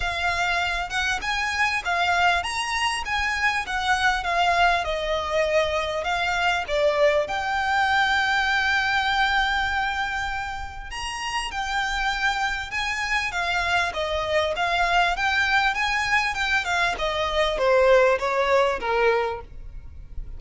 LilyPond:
\new Staff \with { instrumentName = "violin" } { \time 4/4 \tempo 4 = 99 f''4. fis''8 gis''4 f''4 | ais''4 gis''4 fis''4 f''4 | dis''2 f''4 d''4 | g''1~ |
g''2 ais''4 g''4~ | g''4 gis''4 f''4 dis''4 | f''4 g''4 gis''4 g''8 f''8 | dis''4 c''4 cis''4 ais'4 | }